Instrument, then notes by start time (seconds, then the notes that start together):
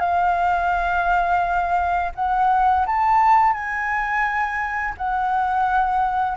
flute
0.00 F5
2.15 F#5
2.87 A5
3.53 G#5
4.97 F#5